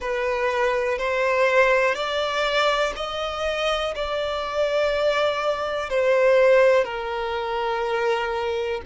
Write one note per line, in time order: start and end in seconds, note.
0.00 0.98 B4
0.98 1.94 C5
1.94 2.93 D5
2.96 3.94 D#5
3.95 5.89 D5
5.89 6.84 C5
6.84 8.81 A#4